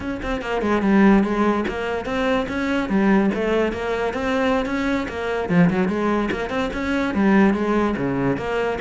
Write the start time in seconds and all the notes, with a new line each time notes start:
0.00 C#4
0.22 C4
0.41 A#3
0.61 G#3
0.82 G3
1.23 G#3
1.68 A#3
2.05 C4
2.48 C#4
2.89 G3
3.34 A3
3.72 A#3
4.13 C4
4.65 C#4
5.08 A#3
5.49 F3
5.70 F#3
5.88 G#3
6.31 A#3
6.49 C4
6.73 C#4
7.14 G3
7.53 G#3
7.97 C#3
8.37 A#3